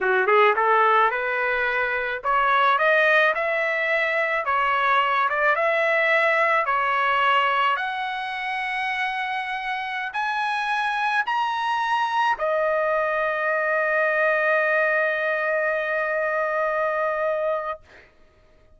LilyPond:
\new Staff \with { instrumentName = "trumpet" } { \time 4/4 \tempo 4 = 108 fis'8 gis'8 a'4 b'2 | cis''4 dis''4 e''2 | cis''4. d''8 e''2 | cis''2 fis''2~ |
fis''2~ fis''16 gis''4.~ gis''16~ | gis''16 ais''2 dis''4.~ dis''16~ | dis''1~ | dis''1 | }